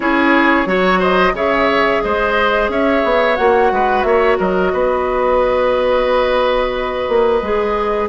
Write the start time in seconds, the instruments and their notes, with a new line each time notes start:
0.00 bassoon C#4, clarinet E4, oboe G#4, flute C#5
0.66 bassoon F#3, clarinet F#4, oboe C#5
0.99 oboe C5, flute D#5
1.32 bassoon C#3, clarinet G#4, oboe C#5, flute E5
2.02 bassoon G#3, oboe C5, flute D#5
2.68 bassoon C#4, oboe C#5, flute E5
3.04 bassoon B3
3.36 bassoon A#3, clarinet F#4, flute F#5
3.71 bassoon G#3, oboe B4
4.02 bassoon A#3, oboe C#5, flute E5
4.37 bassoon F#3, oboe A#4, flute D#5
4.73 bassoon B3, oboe B4
7.08 bassoon A#3
7.41 bassoon G#3, clarinet G#4